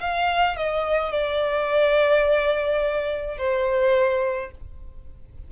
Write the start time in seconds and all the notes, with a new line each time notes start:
0.00 F5
0.56 D#5
1.12 D5
3.38 C5